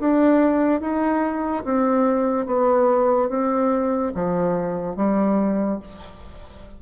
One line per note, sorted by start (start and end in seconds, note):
0.00 0.81 D4
0.81 1.64 D#4
1.64 2.47 C4
2.47 3.29 B3
3.29 4.12 C4
4.15 4.97 F3
4.97 5.80 G3